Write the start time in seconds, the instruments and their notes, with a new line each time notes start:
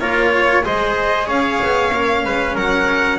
0.00 double bass A#3, cello F4, trumpet A#4, violin C#5
0.33 trumpet C#5
0.64 double bass G#3, cello G#4, trumpet C5, violin D#5
1.26 double bass C#4, trumpet C#5, violin F5
1.63 double bass B3
1.93 double bass A#3, cello C#4
2.25 double bass G#3, trumpet B4
2.55 double bass F#3, trumpet A#4, violin F#5